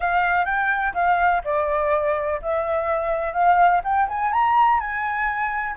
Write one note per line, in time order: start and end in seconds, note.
0.00 0.45 F5
0.45 0.93 G5
0.94 1.42 F5
1.44 2.40 D5
2.41 3.33 E5
3.33 3.81 F5
3.84 4.08 G5
4.08 4.32 G#5
4.32 4.79 A#5
4.79 5.75 G#5